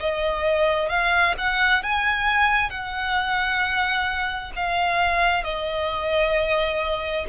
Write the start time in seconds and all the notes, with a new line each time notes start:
0.00 D#5
0.89 F5
1.38 F#5
1.83 G#5
2.70 F#5
4.56 F5
5.44 D#5